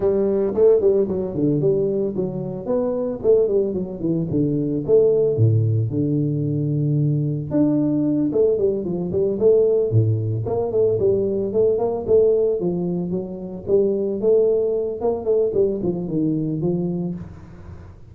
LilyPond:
\new Staff \with { instrumentName = "tuba" } { \time 4/4 \tempo 4 = 112 g4 a8 g8 fis8 d8 g4 | fis4 b4 a8 g8 fis8 e8 | d4 a4 a,4 d4~ | d2 d'4. a8 |
g8 f8 g8 a4 a,4 ais8 | a8 g4 a8 ais8 a4 f8~ | f8 fis4 g4 a4. | ais8 a8 g8 f8 dis4 f4 | }